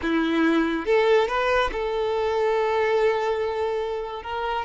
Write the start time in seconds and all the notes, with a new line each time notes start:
0.02 E4
0.85 A4
1.28 B4
1.72 A4
4.23 A#4